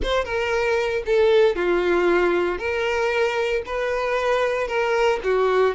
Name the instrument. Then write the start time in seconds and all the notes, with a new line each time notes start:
violin
0.02 C5
0.24 A#4
1.06 A4
1.55 F4
2.58 A#4
3.66 B4
4.67 A#4
5.23 F#4